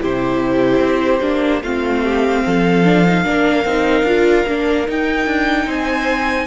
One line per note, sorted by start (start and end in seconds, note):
0.00 0.80 C3
0.00 1.21 E4
0.00 1.64 G4
0.00 1.63 C5
0.80 1.20 C4
1.21 1.62 A#3
1.21 1.62 D4
1.62 2.43 A3
1.62 2.85 C4
1.62 2.04 F4
1.62 4.87 F5
2.04 2.44 G4
2.46 3.26 F3
2.46 3.24 A4
2.85 3.05 D4
3.07 3.24 D#4
3.24 3.65 A#3
3.24 3.65 D4
3.24 5.67 A#4
3.65 4.03 C4
3.65 4.07 D#4
4.03 4.44 D4
4.03 4.47 F4
4.47 4.88 A#3
4.47 4.87 D4
4.87 6.47 D#4
4.87 5.27 D#4
4.87 5.71 G5
5.27 5.66 D4
5.66 6.47 C4
5.66 6.47 C5
5.66 6.47 G#5